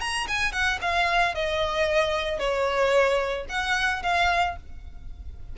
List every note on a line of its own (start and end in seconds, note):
0.00 0.27 A#5
0.28 0.52 G#5
0.52 0.79 F#5
0.81 1.34 F5
1.34 2.39 D#5
2.39 3.46 C#5
3.49 4.03 F#5
4.03 4.56 F5